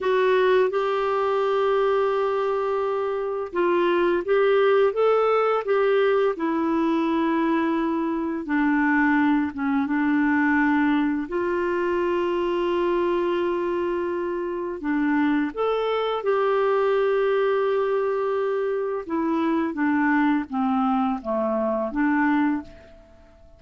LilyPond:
\new Staff \with { instrumentName = "clarinet" } { \time 4/4 \tempo 4 = 85 fis'4 g'2.~ | g'4 f'4 g'4 a'4 | g'4 e'2. | d'4. cis'8 d'2 |
f'1~ | f'4 d'4 a'4 g'4~ | g'2. e'4 | d'4 c'4 a4 d'4 | }